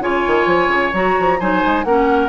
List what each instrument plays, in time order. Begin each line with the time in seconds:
0.00 bassoon C#3, clarinet F4, oboe C#5, flute G#5
0.27 bassoon D#3
0.46 bassoon F3
0.68 bassoon C#3
0.93 bassoon F#3, clarinet F#4, flute A#5
1.19 bassoon F3
1.40 bassoon F#3, clarinet D#4, oboe C5, flute G#5
1.66 bassoon G#3
1.84 bassoon A#3, clarinet C#4, oboe A#4, flute F#5